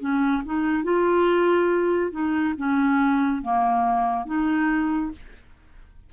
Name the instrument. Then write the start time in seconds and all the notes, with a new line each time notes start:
clarinet
0.00 C#4
0.46 D#4
0.84 F4
2.12 D#4
2.57 C#4
3.42 A#3
4.26 D#4